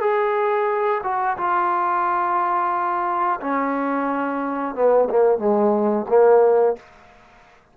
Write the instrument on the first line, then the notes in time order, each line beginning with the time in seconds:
trombone
0.00 G#4
1.03 F#4
1.37 F4
3.40 C#4
4.75 B3
5.10 A#3
5.38 G#3
6.09 A#3